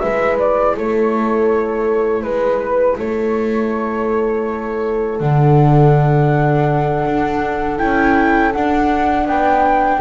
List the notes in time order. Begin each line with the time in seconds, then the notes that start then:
0.00 G#3 E4 B4 E5
0.39 D5
0.76 A3 A4 C#5
2.23 G#3 B4
2.99 A3 A4 C#5
5.19 D3 D4 F#5
7.06 D4
7.78 C#4 E4 G5
8.53 D4 F#5
9.26 B3 B4 G5